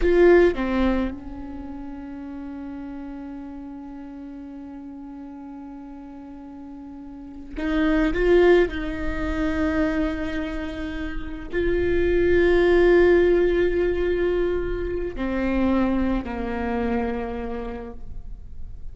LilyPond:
\new Staff \with { instrumentName = "viola" } { \time 4/4 \tempo 4 = 107 f'4 c'4 cis'2~ | cis'1~ | cis'1~ | cis'4. dis'4 f'4 dis'8~ |
dis'1~ | dis'8 f'2.~ f'8~ | f'2. c'4~ | c'4 ais2. | }